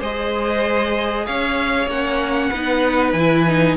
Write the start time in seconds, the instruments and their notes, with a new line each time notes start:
0.00 cello G#3, viola G#4, violin C5 D#5
1.26 cello C#4, violin C#5 F5
1.87 cello A#3, viola C#4, violin F#5
2.50 cello B3, viola D#4, violin B4
3.13 cello E3, violin G#5
3.19 viola E4
3.48 viola D#4